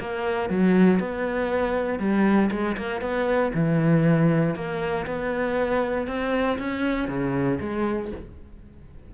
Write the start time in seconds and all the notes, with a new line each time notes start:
0.00 A#3
0.50 F#3
1.00 B3
1.99 G3
2.51 G#3
2.78 A#3
3.01 B3
3.54 E3
4.55 A#3
5.07 B3
6.07 C4
6.59 C#4
7.08 C#3
7.61 G#3